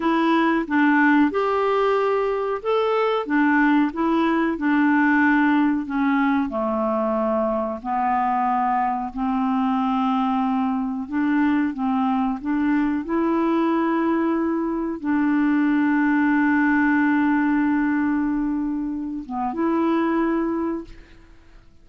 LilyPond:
\new Staff \with { instrumentName = "clarinet" } { \time 4/4 \tempo 4 = 92 e'4 d'4 g'2 | a'4 d'4 e'4 d'4~ | d'4 cis'4 a2 | b2 c'2~ |
c'4 d'4 c'4 d'4 | e'2. d'4~ | d'1~ | d'4. b8 e'2 | }